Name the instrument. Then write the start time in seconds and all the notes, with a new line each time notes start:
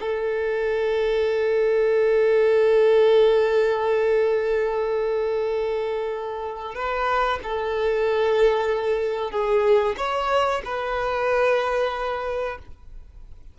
violin
0.00 A4
6.74 B4
7.43 A4
9.31 G#4
9.97 C#5
10.65 B4